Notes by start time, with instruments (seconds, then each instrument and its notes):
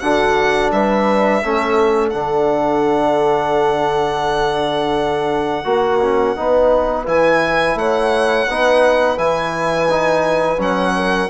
0.00 bassoon D3, trombone D4, horn F#4, violin F#5
0.72 bassoon G3, horn B4, violin E5
1.43 bassoon A3, trombone C#4, horn A4
2.10 bassoon D3, trombone D4, violin F#5
5.65 bassoon A#3, trombone F#4, horn F#4
6.02 trombone C#4
6.37 bassoon B3, trombone D#4, horn B4
7.06 bassoon E3, trombone E4, violin G#5
7.75 bassoon A3, horn C#5, violin F#5
8.48 bassoon B3, trombone D#4, horn B4
9.18 bassoon E3, trombone E4, violin G#5
9.90 trombone D#4
10.58 bassoon F#3, trombone C#4, violin F#5
10.96 horn A#4